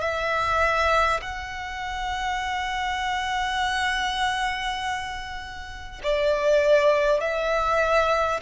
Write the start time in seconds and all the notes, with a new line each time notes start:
0.00 E5
1.22 F#5
6.03 D5
7.20 E5